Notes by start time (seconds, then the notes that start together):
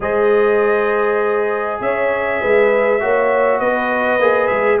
0.00 G#3 G#4 C5 D#5
1.80 C#4 C#5 E5
2.41 G#3 B4
3.00 A#3 F#4 C#5
3.59 B3 B4 D#5
4.19 A#3 G#4
4.47 G#3 E5